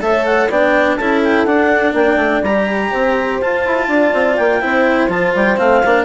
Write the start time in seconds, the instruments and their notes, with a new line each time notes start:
0.00 bassoon A3, cello A4, horn C#5, clarinet E5
0.25 clarinet F#5
0.49 bassoon B3, cello D4, horn D5, clarinet G5
0.95 bassoon C#4, cello E4, horn A4, clarinet A5
1.23 clarinet G5
1.45 bassoon D4, cello D4, clarinet F#5
1.93 bassoon A#3, horn D5, clarinet G5
2.16 bassoon A3
2.42 bassoon G3, cello G4, clarinet A#5
2.90 bassoon C4, horn C5
3.40 bassoon F4, cello F4, clarinet A5
3.65 bassoon E4
3.87 bassoon D4, horn D5
4.13 bassoon C4
4.36 bassoon A#3, clarinet G5
4.60 bassoon C4, cello E4, horn C5
5.08 bassoon F3, cello F4, clarinet A5
5.34 bassoon G3, clarinet G5
5.56 bassoon A3, cello C4, clarinet F5
5.85 bassoon A#3, cello D4